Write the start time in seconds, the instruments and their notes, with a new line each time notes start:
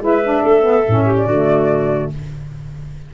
0.00 tuba G#3, saxophone E4, clarinet B4, flute E5
0.24 saxophone D4
0.42 tuba A3, clarinet A4
0.62 saxophone B3
0.87 tuba A2, saxophone C#4
1.05 clarinet G4
1.16 flute D5
1.25 tuba D3, saxophone A3, clarinet F#4